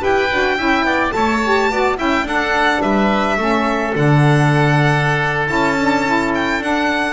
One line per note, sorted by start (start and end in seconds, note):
0.00 0.32 E4
0.00 0.28 G4
0.00 0.57 B4
0.00 1.12 G5
0.32 0.60 D4
0.32 0.57 F#4
0.57 0.84 C#4
0.57 1.11 E4
0.57 0.85 E5
0.84 1.12 B3
0.84 1.14 D5
1.11 1.70 A3
1.11 1.39 A4
1.11 1.71 C#5
1.11 1.96 A5
1.45 1.71 G4
1.70 1.98 B3
1.70 1.97 F#4
1.70 1.98 D5
1.97 2.23 C#4
1.97 2.25 E4
1.97 2.26 E5
1.97 2.27 G5
2.23 2.79 D4
2.23 3.38 D4
2.23 2.82 A4
2.23 2.82 F#5
2.82 3.37 G3
2.82 3.38 B4
2.82 3.94 E5
3.37 3.93 A3
3.37 3.95 C#4
3.37 7.13 A4
3.96 5.50 D3
3.96 5.48 D4
3.96 5.47 F#5
5.47 6.60 C#4
5.47 5.76 E4
5.47 6.32 A5
5.79 6.06 D4
6.06 6.61 E4
6.35 6.63 G5
6.60 7.13 D4
6.60 7.13 F#5